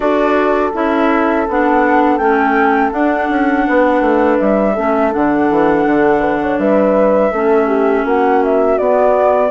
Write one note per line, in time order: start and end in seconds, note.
0.00 0.73 D4
0.00 0.72 F#4
0.00 3.66 A4
0.00 0.72 D5
0.73 1.47 C#4
0.73 1.46 E4
0.73 1.47 E5
1.48 2.18 B3
1.48 2.20 D4
1.48 2.17 F#5
2.17 2.91 A3
2.17 2.91 C#4
2.17 2.91 G5
2.91 4.74 D4
2.91 3.28 D4
2.91 4.38 F#5
3.29 3.66 C#4
3.67 4.00 B3
3.67 4.74 B4
4.00 4.37 A3
4.38 4.77 G3
4.38 5.12 E5
4.74 5.14 A3
4.74 5.11 C#4
4.74 6.20 A4
5.11 5.50 D3
5.11 7.31 D4
5.11 6.59 F#5
5.50 5.85 E3
5.85 6.58 D3
6.20 6.38 B4
6.41 6.60 C#5
6.58 7.31 G3
6.58 7.32 B4
6.58 8.05 E5
7.32 8.04 A3
7.32 8.80 C#4
7.32 7.67 A4
7.67 8.04 G4
8.04 8.78 A#3
8.04 9.50 F#4
8.04 8.43 F#5
8.44 8.78 E5
8.78 9.50 B3
8.78 9.50 D5